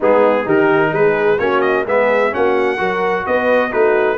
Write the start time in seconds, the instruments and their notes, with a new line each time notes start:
0.00 tuba G#3, trombone B3, horn D#4, trumpet G#4
0.45 tuba D#3, trombone D#4, horn G4, trumpet A#4
0.92 tuba G#3, horn G#4, trumpet B4
1.38 tuba A#3, trombone C#4, horn F#4, trumpet C#5
1.61 trumpet D#5
1.85 tuba G#3, trombone B3, horn G#4, trumpet E5
2.31 tuba A#3, trombone C#4, horn F#4, trumpet F#5
2.77 tuba F#3, trombone F#4, horn A#4
3.26 tuba B3, horn B4, trumpet D#5
3.70 tuba A3, trombone D#4, horn F#4, trumpet B4